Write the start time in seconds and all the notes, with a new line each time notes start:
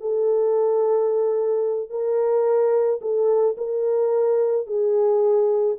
0.00 A4
1.89 A#4
3.01 A4
3.57 A#4
4.66 G#4